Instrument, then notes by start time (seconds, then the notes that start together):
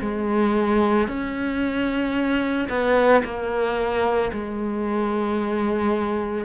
cello
0.00 G#3
1.07 C#4
2.69 B3
3.24 A#3
4.32 G#3